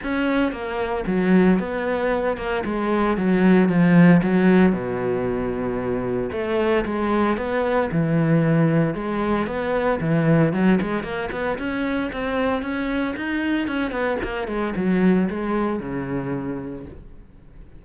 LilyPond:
\new Staff \with { instrumentName = "cello" } { \time 4/4 \tempo 4 = 114 cis'4 ais4 fis4 b4~ | b8 ais8 gis4 fis4 f4 | fis4 b,2. | a4 gis4 b4 e4~ |
e4 gis4 b4 e4 | fis8 gis8 ais8 b8 cis'4 c'4 | cis'4 dis'4 cis'8 b8 ais8 gis8 | fis4 gis4 cis2 | }